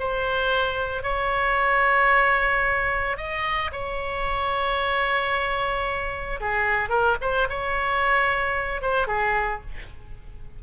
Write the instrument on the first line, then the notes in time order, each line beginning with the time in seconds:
oboe
0.00 C5
1.03 C#5
3.17 D#5
3.72 C#5
6.40 G#4
6.89 A#4
7.21 C5
7.50 C#5
8.82 C5
9.07 G#4